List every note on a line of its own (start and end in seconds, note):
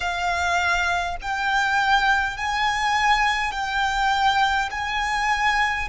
0.00 1.16 F5
1.21 2.37 G5
2.37 3.51 G#5
3.51 4.69 G5
4.71 5.88 G#5